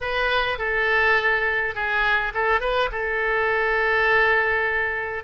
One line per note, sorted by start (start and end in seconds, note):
0.01 0.58 B4
0.58 1.74 A4
1.74 2.32 G#4
2.34 2.60 A4
2.60 2.89 B4
2.91 5.24 A4